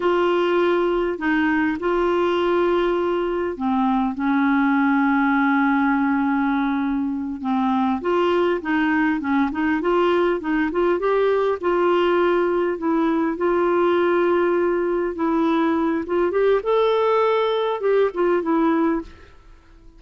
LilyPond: \new Staff \with { instrumentName = "clarinet" } { \time 4/4 \tempo 4 = 101 f'2 dis'4 f'4~ | f'2 c'4 cis'4~ | cis'1~ | cis'8 c'4 f'4 dis'4 cis'8 |
dis'8 f'4 dis'8 f'8 g'4 f'8~ | f'4. e'4 f'4.~ | f'4. e'4. f'8 g'8 | a'2 g'8 f'8 e'4 | }